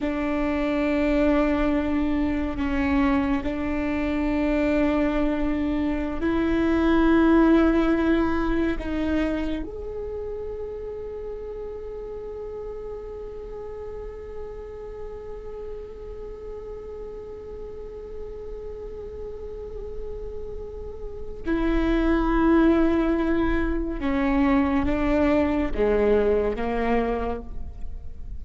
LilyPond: \new Staff \with { instrumentName = "viola" } { \time 4/4 \tempo 4 = 70 d'2. cis'4 | d'2.~ d'16 e'8.~ | e'2~ e'16 dis'4 gis'8.~ | gis'1~ |
gis'1~ | gis'1~ | gis'4 e'2. | cis'4 d'4 gis4 ais4 | }